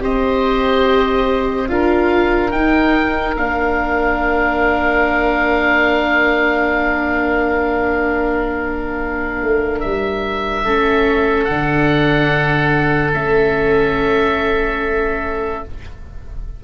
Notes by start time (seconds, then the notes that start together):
0.00 C4 G4 C5 D#5
1.68 D4 F4 A#4 F5
2.51 D#4 G5
3.36 A#3 D4 F5
9.41 A3
9.80 G3 E5
10.64 A3 C#4 A4
11.44 D3 D4 F#5
13.13 A3 C#4 E5